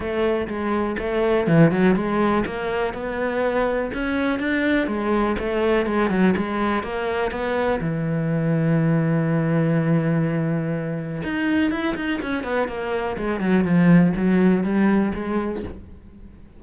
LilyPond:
\new Staff \with { instrumentName = "cello" } { \time 4/4 \tempo 4 = 123 a4 gis4 a4 e8 fis8 | gis4 ais4 b2 | cis'4 d'4 gis4 a4 | gis8 fis8 gis4 ais4 b4 |
e1~ | e2. dis'4 | e'8 dis'8 cis'8 b8 ais4 gis8 fis8 | f4 fis4 g4 gis4 | }